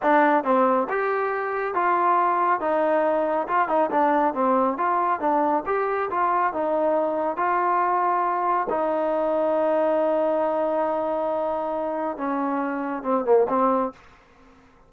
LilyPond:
\new Staff \with { instrumentName = "trombone" } { \time 4/4 \tempo 4 = 138 d'4 c'4 g'2 | f'2 dis'2 | f'8 dis'8 d'4 c'4 f'4 | d'4 g'4 f'4 dis'4~ |
dis'4 f'2. | dis'1~ | dis'1 | cis'2 c'8 ais8 c'4 | }